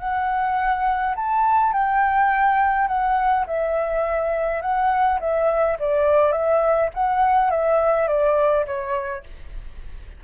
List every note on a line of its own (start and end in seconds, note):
0.00 1.15 F#5
1.16 1.73 A5
1.73 2.88 G5
2.88 3.46 F#5
3.47 4.62 E5
4.62 5.20 F#5
5.21 5.78 E5
5.80 6.32 D5
6.32 6.90 E5
6.95 7.51 F#5
7.51 8.08 E5
8.08 8.66 D5
8.66 9.24 C#5